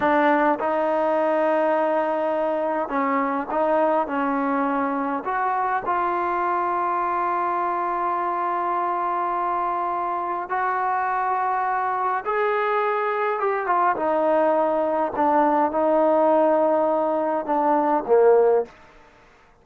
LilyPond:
\new Staff \with { instrumentName = "trombone" } { \time 4/4 \tempo 4 = 103 d'4 dis'2.~ | dis'4 cis'4 dis'4 cis'4~ | cis'4 fis'4 f'2~ | f'1~ |
f'2 fis'2~ | fis'4 gis'2 g'8 f'8 | dis'2 d'4 dis'4~ | dis'2 d'4 ais4 | }